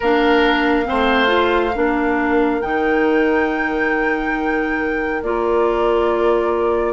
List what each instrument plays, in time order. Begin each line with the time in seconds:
0.00 bassoon A#3, clarinet D4, oboe A#4, flute F5
0.85 bassoon A3, clarinet C4, oboe C5
1.27 clarinet F4
1.75 bassoon A#3, clarinet D4, oboe A#4
2.61 bassoon D#3, clarinet D#4, flute G5
5.22 bassoon A#3, clarinet F4, flute D5